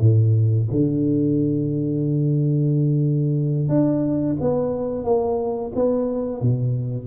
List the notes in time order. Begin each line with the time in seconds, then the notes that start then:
0.00 A2
0.71 D3
3.69 D4
4.41 B3
5.04 A#3
5.75 B3
6.42 B2